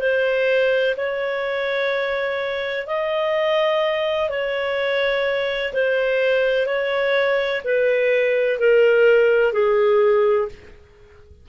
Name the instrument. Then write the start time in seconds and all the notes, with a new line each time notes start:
clarinet
0.00 C5
0.97 C#5
2.87 D#5
4.30 C#5
5.73 C5
6.66 C#5
7.65 B4
8.59 A#4
9.53 G#4